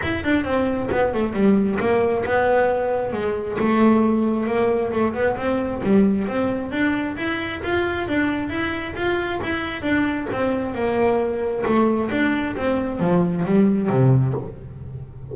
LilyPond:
\new Staff \with { instrumentName = "double bass" } { \time 4/4 \tempo 4 = 134 e'8 d'8 c'4 b8 a8 g4 | ais4 b2 gis4 | a2 ais4 a8 b8 | c'4 g4 c'4 d'4 |
e'4 f'4 d'4 e'4 | f'4 e'4 d'4 c'4 | ais2 a4 d'4 | c'4 f4 g4 c4 | }